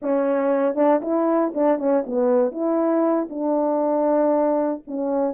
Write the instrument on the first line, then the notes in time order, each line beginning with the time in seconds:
horn
0.01 C#4
0.75 D4
1.01 E4
1.54 D4
1.78 C#4
2.06 B3
2.51 E4
3.29 D4
4.87 C#4